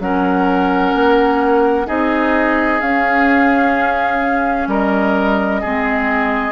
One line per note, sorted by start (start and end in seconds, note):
0.00 0.94 F#3
0.00 1.86 C#4
0.00 1.87 A#4
0.00 1.88 F#5
0.95 1.88 A#3
1.86 2.81 C4
1.86 2.80 D#4
1.86 4.69 G#4
1.86 2.81 D#5
2.81 4.68 C#4
2.81 5.64 C#4
2.81 4.68 F5
4.68 5.62 G3
4.68 5.61 A#4
4.68 6.53 D#5
5.61 6.53 G#3
5.61 6.53 C4
5.61 6.53 G#4